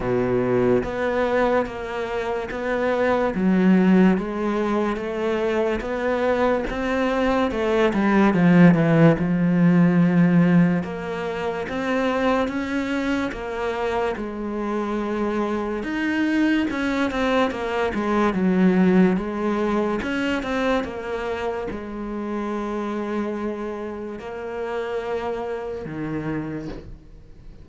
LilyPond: \new Staff \with { instrumentName = "cello" } { \time 4/4 \tempo 4 = 72 b,4 b4 ais4 b4 | fis4 gis4 a4 b4 | c'4 a8 g8 f8 e8 f4~ | f4 ais4 c'4 cis'4 |
ais4 gis2 dis'4 | cis'8 c'8 ais8 gis8 fis4 gis4 | cis'8 c'8 ais4 gis2~ | gis4 ais2 dis4 | }